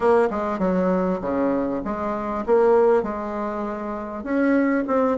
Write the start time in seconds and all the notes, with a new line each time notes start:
0.00 A#3
0.30 G#3
0.59 F#3
1.21 C#3
1.84 G#3
2.46 A#3
3.02 G#3
4.23 C#4
4.87 C4